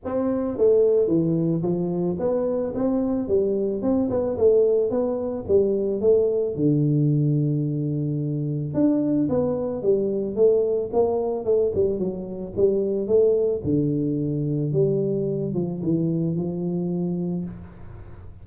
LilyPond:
\new Staff \with { instrumentName = "tuba" } { \time 4/4 \tempo 4 = 110 c'4 a4 e4 f4 | b4 c'4 g4 c'8 b8 | a4 b4 g4 a4 | d1 |
d'4 b4 g4 a4 | ais4 a8 g8 fis4 g4 | a4 d2 g4~ | g8 f8 e4 f2 | }